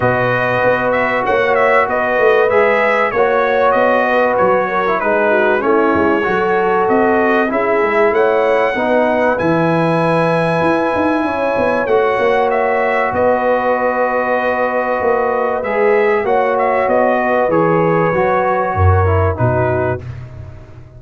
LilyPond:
<<
  \new Staff \with { instrumentName = "trumpet" } { \time 4/4 \tempo 4 = 96 dis''4. e''8 fis''8 e''8 dis''4 | e''4 cis''4 dis''4 cis''4 | b'4 cis''2 dis''4 | e''4 fis''2 gis''4~ |
gis''2. fis''4 | e''4 dis''2.~ | dis''4 e''4 fis''8 e''8 dis''4 | cis''2. b'4 | }
  \new Staff \with { instrumentName = "horn" } { \time 4/4 b'2 cis''4 b'4~ | b'4 cis''4. b'4 ais'8 | gis'8 fis'8 e'4 a'2 | gis'4 cis''4 b'2~ |
b'2 cis''2~ | cis''4 b'2.~ | b'2 cis''4. b'8~ | b'2 ais'4 fis'4 | }
  \new Staff \with { instrumentName = "trombone" } { \time 4/4 fis'1 | gis'4 fis'2~ fis'8. e'16 | dis'4 cis'4 fis'2 | e'2 dis'4 e'4~ |
e'2. fis'4~ | fis'1~ | fis'4 gis'4 fis'2 | gis'4 fis'4. e'8 dis'4 | }
  \new Staff \with { instrumentName = "tuba" } { \time 4/4 b,4 b4 ais4 b8 a8 | gis4 ais4 b4 fis4 | gis4 a8 gis8 fis4 c'4 | cis'8 gis8 a4 b4 e4~ |
e4 e'8 dis'8 cis'8 b8 a8 ais8~ | ais4 b2. | ais4 gis4 ais4 b4 | e4 fis4 fis,4 b,4 | }
>>